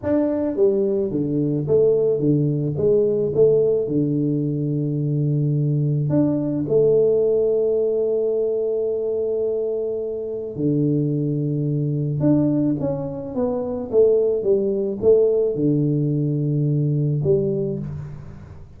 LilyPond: \new Staff \with { instrumentName = "tuba" } { \time 4/4 \tempo 4 = 108 d'4 g4 d4 a4 | d4 gis4 a4 d4~ | d2. d'4 | a1~ |
a2. d4~ | d2 d'4 cis'4 | b4 a4 g4 a4 | d2. g4 | }